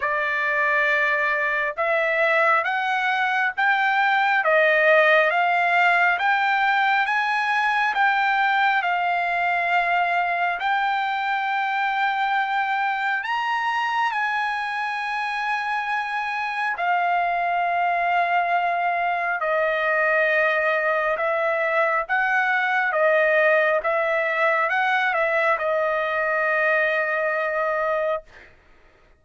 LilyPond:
\new Staff \with { instrumentName = "trumpet" } { \time 4/4 \tempo 4 = 68 d''2 e''4 fis''4 | g''4 dis''4 f''4 g''4 | gis''4 g''4 f''2 | g''2. ais''4 |
gis''2. f''4~ | f''2 dis''2 | e''4 fis''4 dis''4 e''4 | fis''8 e''8 dis''2. | }